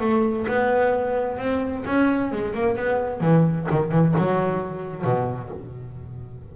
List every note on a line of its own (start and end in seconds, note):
0.00 0.46 A3
0.47 1.38 B3
1.38 1.84 C4
1.86 2.31 C#4
2.31 2.54 G#3
2.54 2.76 A#3
2.76 3.20 B3
3.20 3.67 E3
3.70 3.91 D#3
3.91 4.14 E3
4.17 5.04 F#3
5.04 5.50 B2